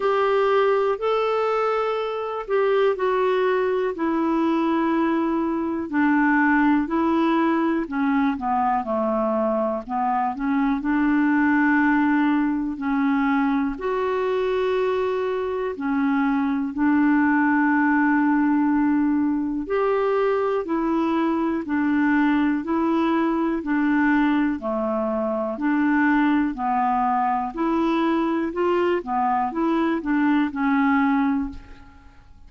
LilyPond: \new Staff \with { instrumentName = "clarinet" } { \time 4/4 \tempo 4 = 61 g'4 a'4. g'8 fis'4 | e'2 d'4 e'4 | cis'8 b8 a4 b8 cis'8 d'4~ | d'4 cis'4 fis'2 |
cis'4 d'2. | g'4 e'4 d'4 e'4 | d'4 a4 d'4 b4 | e'4 f'8 b8 e'8 d'8 cis'4 | }